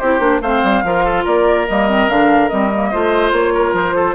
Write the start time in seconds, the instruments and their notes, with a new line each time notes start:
0.00 bassoon C4, clarinet E4, oboe G4, flute C5
0.20 bassoon A#3, clarinet D4
0.42 bassoon A3, clarinet C4, oboe C5, flute F5
0.64 bassoon G3
0.84 bassoon F3, clarinet F4, oboe A#4
1.05 oboe A4
1.24 bassoon A#3, oboe A#4, flute D5
1.68 bassoon G3, clarinet A#3, flute D#5
1.89 clarinet C4
2.09 bassoon D3, clarinet D4, flute F5
2.49 bassoon G3, clarinet C4, flute D#5
2.75 clarinet A#3
2.91 bassoon A3, clarinet F4, oboe C5
3.32 bassoon A#3, flute C#5
3.55 oboe A#4
3.73 bassoon F3, flute C5
3.96 oboe A4